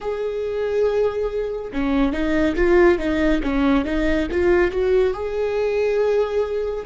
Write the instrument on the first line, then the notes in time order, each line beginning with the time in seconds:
viola
0.00 G#4
1.72 C#4
2.12 D#4
2.55 F4
2.98 D#4
3.42 C#4
3.85 D#4
4.31 F4
4.71 F#4
5.13 G#4